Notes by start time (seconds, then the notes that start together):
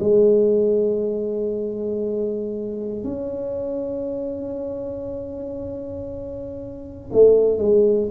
0.00 G#3
3.04 C#4
7.13 A3
7.59 G#3